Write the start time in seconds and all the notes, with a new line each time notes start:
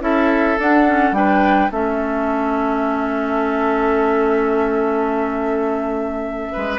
0.00 C#4 E4 A4 E5
0.59 D4 F#5
0.87 C#4
1.12 G3 D4 B4 G5
1.71 A3 C#4 A4 E5
6.52 G#3 B4